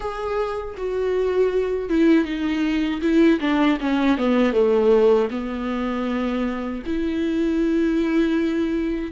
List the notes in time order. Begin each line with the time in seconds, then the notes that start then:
0.00 G#4
0.77 F#4
1.88 E4
2.24 D#4
3.01 E4
3.40 D4
3.80 C#4
4.17 B3
4.53 A3
5.30 B3
6.86 E4